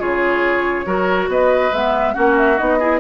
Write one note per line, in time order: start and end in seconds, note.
0.00 0.86 C#3
0.00 0.86 F4
0.00 0.86 G#4
0.00 1.29 C#5
0.86 1.28 F#3
0.86 1.72 F#4
0.86 1.30 A#4
1.28 1.71 B3
1.28 2.15 B4
1.28 1.74 D#5
1.73 2.16 G#3
1.73 2.14 B3
1.73 2.14 E5
2.14 2.60 A#3
2.14 2.57 C#4
2.14 2.79 F#4
2.14 2.36 F#5
2.37 2.58 E5
2.58 3.00 B3
2.58 2.79 D#4
2.58 3.00 D#5
2.80 3.00 E4
2.80 3.00 G#4